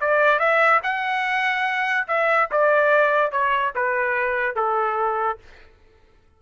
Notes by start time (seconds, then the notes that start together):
0.00 D5
0.39 E5
0.83 F#5
2.07 E5
2.51 D5
3.31 C#5
3.75 B4
4.55 A4